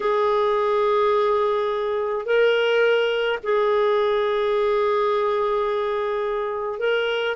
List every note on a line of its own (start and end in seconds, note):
0.00 2.25 G#4
2.25 3.39 A#4
3.43 6.79 G#4
6.79 7.35 A#4